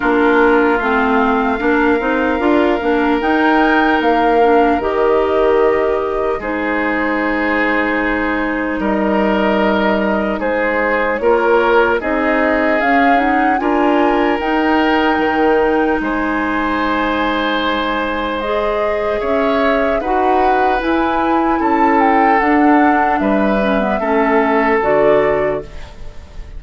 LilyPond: <<
  \new Staff \with { instrumentName = "flute" } { \time 4/4 \tempo 4 = 75 ais'4 f''2. | g''4 f''4 dis''2 | c''2. dis''4~ | dis''4 c''4 cis''4 dis''4 |
f''8 fis''8 gis''4 g''2 | gis''2. dis''4 | e''4 fis''4 gis''4 a''8 g''8 | fis''4 e''2 d''4 | }
  \new Staff \with { instrumentName = "oboe" } { \time 4/4 f'2 ais'2~ | ais'1 | gis'2. ais'4~ | ais'4 gis'4 ais'4 gis'4~ |
gis'4 ais'2. | c''1 | cis''4 b'2 a'4~ | a'4 b'4 a'2 | }
  \new Staff \with { instrumentName = "clarinet" } { \time 4/4 d'4 c'4 d'8 dis'8 f'8 d'8 | dis'4. d'8 g'2 | dis'1~ | dis'2 f'4 dis'4 |
cis'8 dis'8 f'4 dis'2~ | dis'2. gis'4~ | gis'4 fis'4 e'2 | d'4. cis'16 b16 cis'4 fis'4 | }
  \new Staff \with { instrumentName = "bassoon" } { \time 4/4 ais4 a4 ais8 c'8 d'8 ais8 | dis'4 ais4 dis2 | gis2. g4~ | g4 gis4 ais4 c'4 |
cis'4 d'4 dis'4 dis4 | gis1 | cis'4 dis'4 e'4 cis'4 | d'4 g4 a4 d4 | }
>>